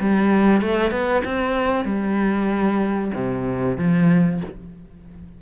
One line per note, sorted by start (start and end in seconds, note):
0.00 0.62 G3
0.62 0.91 A3
0.91 1.23 B3
1.25 1.85 C4
1.85 3.12 G3
3.14 3.78 C3
3.78 4.41 F3